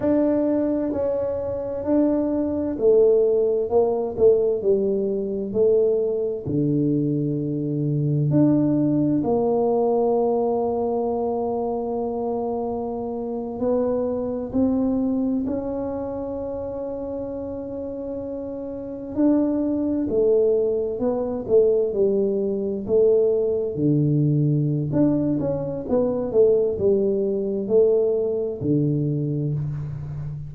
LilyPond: \new Staff \with { instrumentName = "tuba" } { \time 4/4 \tempo 4 = 65 d'4 cis'4 d'4 a4 | ais8 a8 g4 a4 d4~ | d4 d'4 ais2~ | ais2~ ais8. b4 c'16~ |
c'8. cis'2.~ cis'16~ | cis'8. d'4 a4 b8 a8 g16~ | g8. a4 d4~ d16 d'8 cis'8 | b8 a8 g4 a4 d4 | }